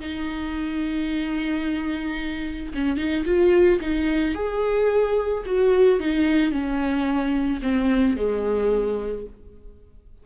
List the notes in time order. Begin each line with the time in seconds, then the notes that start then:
0.00 D#4
2.74 C#4
2.97 D#4
3.25 F4
3.80 D#4
4.34 G#4
5.45 F#4
6.00 D#4
6.51 C#4
7.62 C4
8.16 G#3